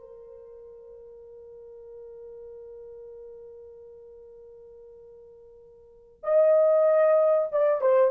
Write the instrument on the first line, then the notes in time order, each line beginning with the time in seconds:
horn
0.00 A#4
6.24 D#5
7.52 D5
7.81 C5